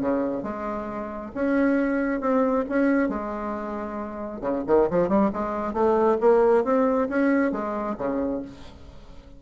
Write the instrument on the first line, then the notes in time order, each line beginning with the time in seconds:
bassoon
0.00 C#3
0.43 G#3
1.34 C#4
2.20 C4
2.69 C#4
3.09 G#3
4.41 C#3
4.67 D#3
4.90 F3
5.08 G3
5.33 G#3
5.73 A3
6.20 A#3
6.64 C4
7.08 C#4
7.51 G#3
7.98 C#3